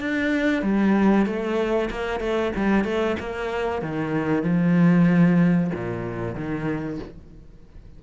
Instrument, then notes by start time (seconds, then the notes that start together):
cello
0.00 D4
0.62 G3
1.26 A3
1.90 A#3
2.20 A3
2.56 G3
2.84 A3
3.19 A#3
3.82 D#3
4.43 F3
5.74 A#2
6.35 D#3